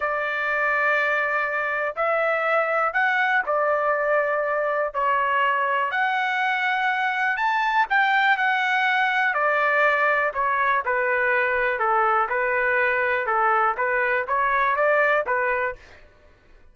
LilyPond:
\new Staff \with { instrumentName = "trumpet" } { \time 4/4 \tempo 4 = 122 d''1 | e''2 fis''4 d''4~ | d''2 cis''2 | fis''2. a''4 |
g''4 fis''2 d''4~ | d''4 cis''4 b'2 | a'4 b'2 a'4 | b'4 cis''4 d''4 b'4 | }